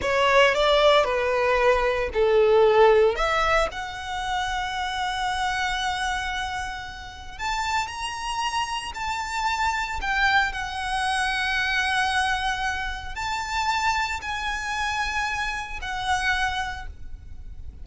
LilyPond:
\new Staff \with { instrumentName = "violin" } { \time 4/4 \tempo 4 = 114 cis''4 d''4 b'2 | a'2 e''4 fis''4~ | fis''1~ | fis''2 a''4 ais''4~ |
ais''4 a''2 g''4 | fis''1~ | fis''4 a''2 gis''4~ | gis''2 fis''2 | }